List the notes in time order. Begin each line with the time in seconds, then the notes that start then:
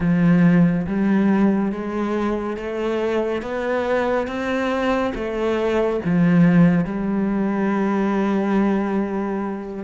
0.00 F3
0.86 G3
1.71 G#3
2.56 A3
3.42 B3
4.27 C4
5.14 A3
6.04 F3
6.84 G3